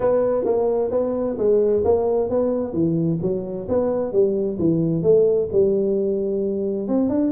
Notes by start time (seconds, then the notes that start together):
0.00 B3
0.45 A#3
0.90 B3
1.38 G#3
1.84 A#3
2.29 B3
2.73 E3
3.21 F#3
3.68 B3
4.12 G3
4.58 E3
5.03 A3
5.51 G3
6.87 C4
7.09 D4